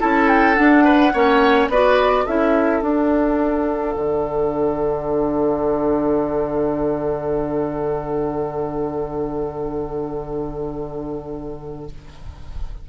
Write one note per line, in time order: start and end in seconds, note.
0.00 0.59 C#4
0.00 0.55 E4
0.00 0.84 A4
0.00 0.29 A5
0.29 0.54 G5
0.54 1.12 D4
0.54 1.14 D4
0.54 1.68 F#5
0.84 1.12 B4
1.13 1.68 A#3
1.13 1.71 C#4
1.13 1.70 C#5
1.68 2.25 B3
1.68 2.27 F#4
1.68 2.25 B4
1.68 2.27 D5
2.25 2.82 C#4
2.25 2.83 E4
2.25 11.87 A4
2.25 2.82 E5
2.82 3.95 D4
2.82 11.89 D4
2.82 11.87 F#5
3.96 11.89 D3